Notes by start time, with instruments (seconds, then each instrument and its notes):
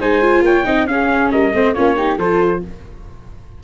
0.00 tuba G#3, viola D#4, flute C5, trumpet G#5
0.22 viola F4
0.42 tuba A#3, flute C#5, trumpet G5
0.65 tuba C4, viola D#4, flute D#5
0.87 viola C#4, tuba C#4, flute G#4, trumpet F5
1.32 tuba G3, flute A#4, trumpet D#5
1.53 tuba A3, viola C4, flute C5
1.74 tuba A#3, viola C#4, flute F4, trumpet C#5
1.97 viola D#4, flute G4
2.18 tuba F3, viola F4, flute A4, trumpet C5